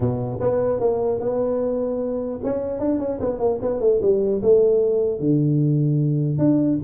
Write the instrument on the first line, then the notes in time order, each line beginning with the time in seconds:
tuba
0.00 B2
0.40 B3
0.80 A#3
1.20 B3
2.43 C#4
2.79 D4
2.99 C#4
3.20 B3
3.39 A#3
3.61 B3
3.80 A3
4.02 G3
4.42 A3
5.19 D3
6.38 D4